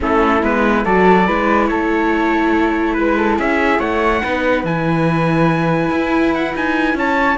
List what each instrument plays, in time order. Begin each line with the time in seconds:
0.00 cello A3, viola C#4, flute E4, trumpet A4
0.42 cello G#3, viola B3, trumpet B4
0.84 cello F#3, viola F#4, flute A4, trumpet D5
1.26 cello G#3, viola E4, flute B4
1.66 cello A3, flute A4, trumpet C#5
2.93 cello G#3, trumpet B4, flute B4
3.17 flute A4
3.37 cello C#4, flute G#4, trumpet E5
3.79 cello A3, flute C#5, trumpet F#5
4.22 cello B3, viola D#4, flute B4
4.63 cello E3, viola E4, trumpet G#5
5.90 cello E4
6.34 trumpet F#5
6.55 cello D#4, trumpet G#5
6.94 cello C#4, flute C#5, trumpet A5